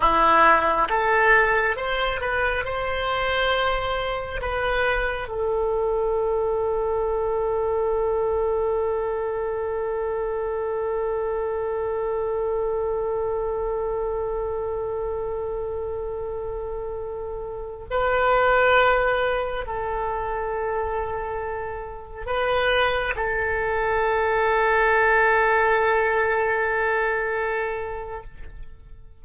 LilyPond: \new Staff \with { instrumentName = "oboe" } { \time 4/4 \tempo 4 = 68 e'4 a'4 c''8 b'8 c''4~ | c''4 b'4 a'2~ | a'1~ | a'1~ |
a'1~ | a'16 b'2 a'4.~ a'16~ | a'4~ a'16 b'4 a'4.~ a'16~ | a'1 | }